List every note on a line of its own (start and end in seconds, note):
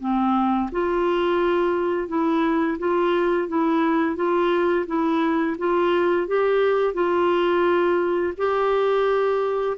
0.00 0.70 C4
0.72 2.08 F4
2.08 2.78 E4
2.78 3.48 F4
3.48 4.16 E4
4.16 4.86 F4
4.87 5.57 E4
5.58 6.27 F4
6.27 6.94 G4
6.94 8.33 F4
8.38 9.77 G4